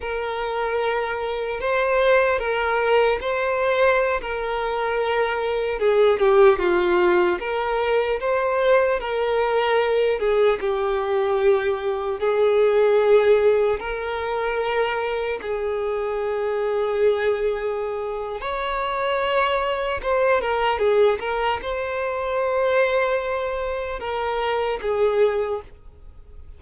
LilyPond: \new Staff \with { instrumentName = "violin" } { \time 4/4 \tempo 4 = 75 ais'2 c''4 ais'4 | c''4~ c''16 ais'2 gis'8 g'16~ | g'16 f'4 ais'4 c''4 ais'8.~ | ais'8. gis'8 g'2 gis'8.~ |
gis'4~ gis'16 ais'2 gis'8.~ | gis'2. cis''4~ | cis''4 c''8 ais'8 gis'8 ais'8 c''4~ | c''2 ais'4 gis'4 | }